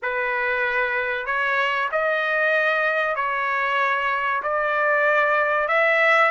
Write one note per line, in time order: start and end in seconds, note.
0.02 1.26 B4
1.26 1.89 C#5
1.91 3.15 D#5
3.15 4.42 C#5
4.42 5.68 D5
5.68 6.31 E5